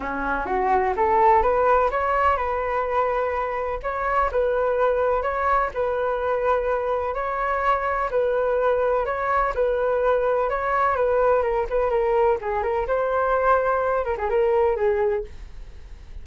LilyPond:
\new Staff \with { instrumentName = "flute" } { \time 4/4 \tempo 4 = 126 cis'4 fis'4 a'4 b'4 | cis''4 b'2. | cis''4 b'2 cis''4 | b'2. cis''4~ |
cis''4 b'2 cis''4 | b'2 cis''4 b'4 | ais'8 b'8 ais'4 gis'8 ais'8 c''4~ | c''4. ais'16 gis'16 ais'4 gis'4 | }